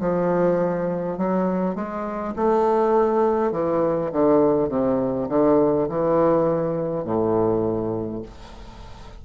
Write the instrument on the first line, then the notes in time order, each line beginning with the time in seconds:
bassoon
0.00 F3
1.18 F#3
1.75 G#3
2.36 A3
3.52 E3
4.12 D3
4.70 C3
5.29 D3
5.89 E3
7.05 A2